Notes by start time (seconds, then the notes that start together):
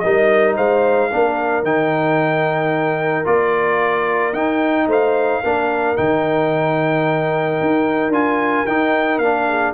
0.00 G3 D#4 A#4 D#5
0.56 G#3 C5 F5
1.11 A#3 D4 A#4
1.63 D#3 D#4 G5
3.25 A#3 F4 D5
4.33 D#4 G5
4.87 A3 C5 F5
5.43 A#3 D4 A#4
5.97 D#3 D#4 G5
7.61 D#4
8.09 D4 F4 G#5
8.66 D#4 G5
9.19 A#3 D4 F5
9.47 G#4